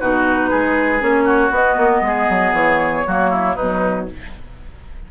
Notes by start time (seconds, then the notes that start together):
0.00 B2 D#4 F#4 B4
0.49 G#3 G#4
0.99 A#3 C#4 C#5
1.24 F#4
1.50 B3 D#5
1.77 A#3
2.01 G#3 G#4
2.29 F#3
2.52 E3 C#5
3.06 F#3 A#3 F#4
3.30 E4
3.55 B2 F#3 D#4 B4